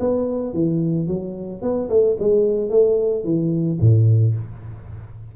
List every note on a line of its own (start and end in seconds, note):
0.00 0.54 B3
0.54 1.08 E3
1.08 1.62 F#3
1.62 1.89 B3
1.90 2.17 A3
2.20 2.70 G#3
2.70 3.25 A3
3.25 3.79 E3
3.80 4.35 A2